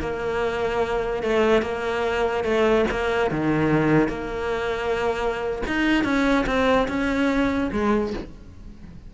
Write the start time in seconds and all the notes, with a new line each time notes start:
0.00 A#3
1.22 A3
1.62 A#3
2.44 A3
2.90 A#3
3.30 D#3
4.08 A#3
5.67 D#4
6.04 C#4
6.46 C4
6.87 C#4
7.71 G#3